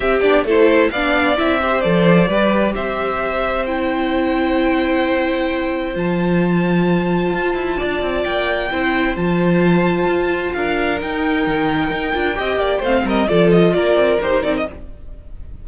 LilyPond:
<<
  \new Staff \with { instrumentName = "violin" } { \time 4/4 \tempo 4 = 131 e''8 d''8 c''4 f''4 e''4 | d''2 e''2 | g''1~ | g''4 a''2.~ |
a''2 g''2 | a''2. f''4 | g''1 | f''8 dis''8 d''8 dis''8 d''4 c''8 d''16 dis''16 | }
  \new Staff \with { instrumentName = "violin" } { \time 4/4 g'4 a'4 d''4. c''8~ | c''4 b'4 c''2~ | c''1~ | c''1~ |
c''4 d''2 c''4~ | c''2. ais'4~ | ais'2. dis''8 d''8 | c''8 ais'8 a'4 ais'2 | }
  \new Staff \with { instrumentName = "viola" } { \time 4/4 c'8 d'8 e'4 d'4 e'8 g'8 | a'4 g'2. | e'1~ | e'4 f'2.~ |
f'2. e'4 | f'1 | dis'2~ dis'8 f'8 g'4 | c'4 f'2 g'8 dis'8 | }
  \new Staff \with { instrumentName = "cello" } { \time 4/4 c'8 b8 a4 b4 c'4 | f4 g4 c'2~ | c'1~ | c'4 f2. |
f'8 e'8 d'8 c'8 ais4 c'4 | f2 f'4 d'4 | dis'4 dis4 dis'8 d'8 c'8 ais8 | a8 g8 f4 ais8 c'8 dis'8 c'8 | }
>>